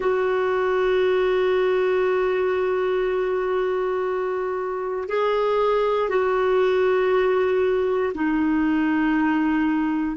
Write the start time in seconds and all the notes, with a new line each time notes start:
0.00 F#4
5.08 G#4
6.09 F#4
8.14 D#4